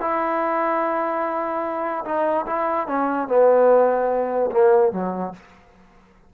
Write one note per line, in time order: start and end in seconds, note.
0.00 2.04 E4
2.05 2.45 D#4
2.46 2.87 E4
2.87 3.28 C#4
3.28 4.50 B3
4.51 4.92 A#3
4.92 5.33 F#3